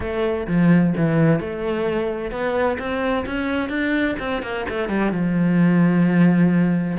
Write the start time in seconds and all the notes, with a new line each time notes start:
0.00 A3
0.47 F3
0.96 E3
1.40 A3
2.31 B3
2.78 C4
3.26 C#4
3.69 D4
4.19 C4
4.42 A#3
4.69 A3
4.88 G3
5.11 F3